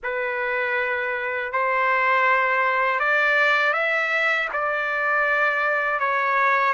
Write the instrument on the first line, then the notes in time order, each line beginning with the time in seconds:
trumpet
0.03 B4
1.52 C5
2.99 D5
3.73 E5
4.52 D5
5.99 C#5